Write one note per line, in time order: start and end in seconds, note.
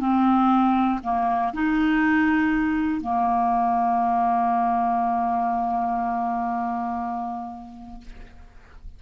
0.00 1.00 C4
1.03 1.53 A#3
1.54 3.01 D#4
3.01 8.01 A#3